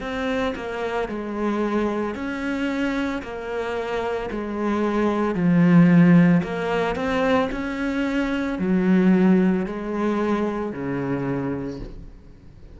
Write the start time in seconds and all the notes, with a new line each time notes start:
0.00 C4
0.56 A#3
1.08 G#3
2.14 C#4
3.22 A#3
4.31 G#3
5.35 F3
6.43 A#3
6.95 C4
7.51 C#4
8.58 F#3
9.65 G#3
10.72 C#3